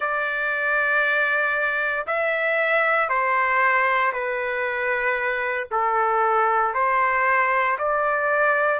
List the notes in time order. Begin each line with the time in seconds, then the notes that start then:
0.00 D5
2.06 E5
3.08 C5
4.12 B4
5.71 A4
6.74 C5
7.78 D5